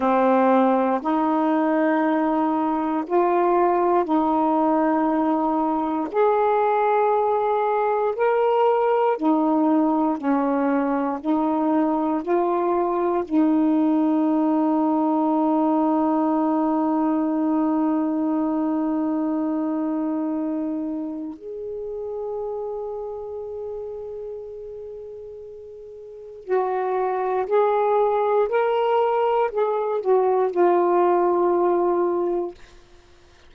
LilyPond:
\new Staff \with { instrumentName = "saxophone" } { \time 4/4 \tempo 4 = 59 c'4 dis'2 f'4 | dis'2 gis'2 | ais'4 dis'4 cis'4 dis'4 | f'4 dis'2.~ |
dis'1~ | dis'4 gis'2.~ | gis'2 fis'4 gis'4 | ais'4 gis'8 fis'8 f'2 | }